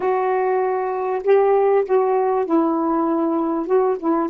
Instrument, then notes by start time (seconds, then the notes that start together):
saxophone
0.00 F#4
1.23 G4
1.85 F#4
2.45 E4
3.66 F#4
3.99 E4